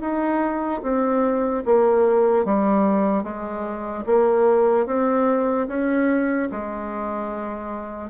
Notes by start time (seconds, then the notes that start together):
0.00 D#4
0.82 C4
1.65 A#3
2.45 G3
3.23 G#3
4.06 A#3
4.86 C4
5.68 C#4
6.51 G#3